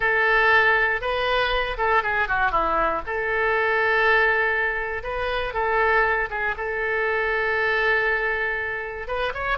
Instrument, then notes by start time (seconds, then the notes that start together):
oboe
0.00 A4
1.01 B4
1.77 A4
2.02 G#4
2.28 F#4
2.51 E4
3.06 A4
5.03 B4
5.53 A4
6.30 G#4
6.57 A4
9.07 B4
9.33 C#5